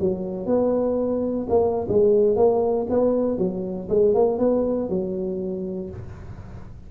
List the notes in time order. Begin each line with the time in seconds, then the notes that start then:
0.00 F#3
0.46 B3
1.49 A#3
1.88 G#3
2.36 A#3
2.90 B3
3.38 F#3
3.89 G#3
4.14 A#3
4.39 B3
4.89 F#3